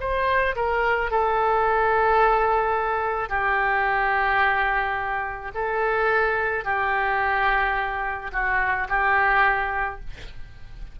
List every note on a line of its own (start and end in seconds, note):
0.00 0.56 C5
0.56 1.11 A#4
1.11 3.29 A4
3.29 5.52 G4
5.54 6.65 A4
6.65 8.31 G4
8.32 8.88 F#4
8.89 10.00 G4